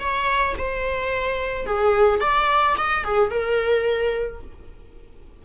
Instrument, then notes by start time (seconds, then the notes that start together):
viola
0.00 C#5
0.59 C5
1.66 G#4
2.21 D5
2.78 D#5
3.04 G#4
3.31 A#4